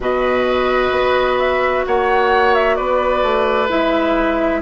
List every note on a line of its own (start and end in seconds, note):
0.00 0.91 B2
0.00 3.69 F#4
0.00 1.85 B4
0.00 1.38 D#5
0.91 1.83 B3
1.38 1.84 E5
1.86 2.78 A#3
1.86 2.76 C#5
1.86 2.54 F#5
2.54 2.75 E5
2.75 3.22 B3
2.75 4.61 B4
2.75 3.67 D5
3.22 3.69 A3
3.69 4.61 G#3
3.69 4.61 E4
3.69 4.61 E5